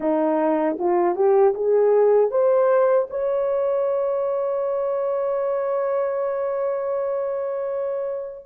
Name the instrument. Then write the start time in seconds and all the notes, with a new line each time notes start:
horn
0.00 D#4
0.79 F4
1.15 G4
1.54 G#4
2.30 C5
3.09 C#5